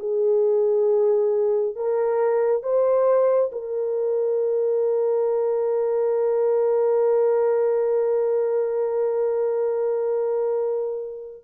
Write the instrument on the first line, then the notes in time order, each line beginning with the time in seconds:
horn
0.00 G#4
1.76 A#4
2.63 C5
3.52 A#4